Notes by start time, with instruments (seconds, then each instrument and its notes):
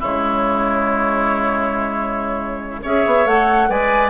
0.00 bassoon C#3, clarinet G#3, oboe E4, flute C#5
2.83 bassoon C#4, clarinet G#4, oboe C#5, flute E5
3.06 bassoon B3
3.26 bassoon A3, clarinet A4, flute F#5
3.69 bassoon G#3, clarinet B4, oboe D5, flute G#5